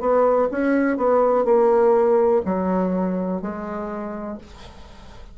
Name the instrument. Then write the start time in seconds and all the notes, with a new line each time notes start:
bassoon
0.00 B3
0.51 C#4
0.97 B3
1.45 A#3
2.45 F#3
3.41 G#3